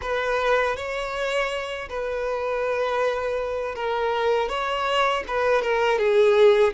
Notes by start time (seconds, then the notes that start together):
0.01 B4
0.76 C#5
1.89 B4
3.75 A#4
4.48 C#5
5.27 B4
5.61 A#4
5.98 G#4